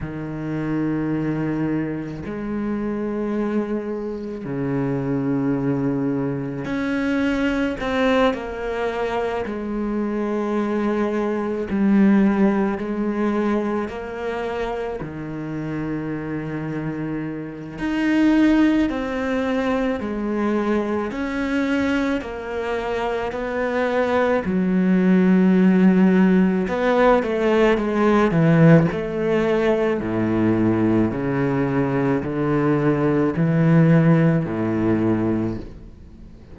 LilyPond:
\new Staff \with { instrumentName = "cello" } { \time 4/4 \tempo 4 = 54 dis2 gis2 | cis2 cis'4 c'8 ais8~ | ais8 gis2 g4 gis8~ | gis8 ais4 dis2~ dis8 |
dis'4 c'4 gis4 cis'4 | ais4 b4 fis2 | b8 a8 gis8 e8 a4 a,4 | cis4 d4 e4 a,4 | }